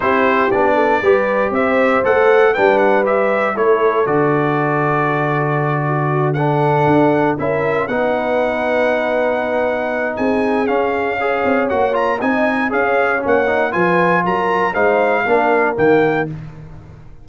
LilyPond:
<<
  \new Staff \with { instrumentName = "trumpet" } { \time 4/4 \tempo 4 = 118 c''4 d''2 e''4 | fis''4 g''8 fis''8 e''4 cis''4 | d''1~ | d''8 fis''2 e''4 fis''8~ |
fis''1 | gis''4 f''2 fis''8 ais''8 | gis''4 f''4 fis''4 gis''4 | ais''4 f''2 g''4 | }
  \new Staff \with { instrumentName = "horn" } { \time 4/4 g'4. a'8 b'4 c''4~ | c''4 b'2 a'4~ | a'2.~ a'8 fis'8~ | fis'8 a'2 ais'4 b'8~ |
b'1 | gis'2 cis''2 | dis''4 cis''2 b'4 | ais'4 c''4 ais'2 | }
  \new Staff \with { instrumentName = "trombone" } { \time 4/4 e'4 d'4 g'2 | a'4 d'4 g'4 e'4 | fis'1~ | fis'8 d'2 e'4 dis'8~ |
dis'1~ | dis'4 cis'4 gis'4 fis'8 f'8 | dis'4 gis'4 cis'8 dis'8 f'4~ | f'4 dis'4 d'4 ais4 | }
  \new Staff \with { instrumentName = "tuba" } { \time 4/4 c'4 b4 g4 c'4 | a4 g2 a4 | d1~ | d4. d'4 cis'4 b8~ |
b1 | c'4 cis'4. c'8 ais4 | c'4 cis'4 ais4 f4 | fis4 gis4 ais4 dis4 | }
>>